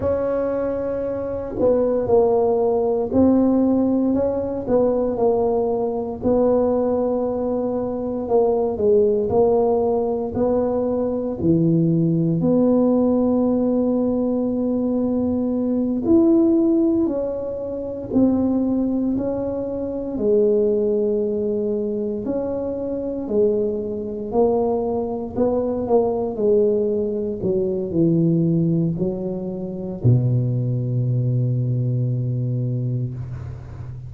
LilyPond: \new Staff \with { instrumentName = "tuba" } { \time 4/4 \tempo 4 = 58 cis'4. b8 ais4 c'4 | cis'8 b8 ais4 b2 | ais8 gis8 ais4 b4 e4 | b2.~ b8 e'8~ |
e'8 cis'4 c'4 cis'4 gis8~ | gis4. cis'4 gis4 ais8~ | ais8 b8 ais8 gis4 fis8 e4 | fis4 b,2. | }